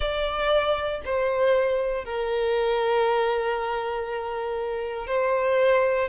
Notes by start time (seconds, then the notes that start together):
0.00 D5
1.04 C5
2.04 A#4
5.07 C5